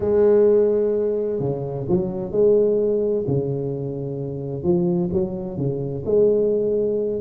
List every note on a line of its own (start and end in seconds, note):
0.00 1.39 G#3
1.39 1.86 C#3
1.88 2.31 F#3
2.31 3.24 G#3
3.27 4.63 C#3
4.63 5.09 F3
5.12 5.57 F#3
5.57 6.03 C#3
6.05 7.21 G#3